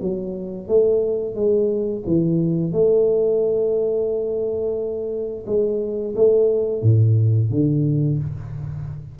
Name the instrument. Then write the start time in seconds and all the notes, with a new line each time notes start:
tuba
0.00 F#3
0.67 A3
1.35 G#3
2.05 E3
2.72 A3
5.46 G#3
6.15 A3
6.82 A2
7.50 D3